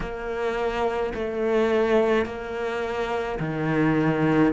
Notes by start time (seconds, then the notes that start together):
0.00 A#3
1.14 A3
2.25 A#3
3.40 D#3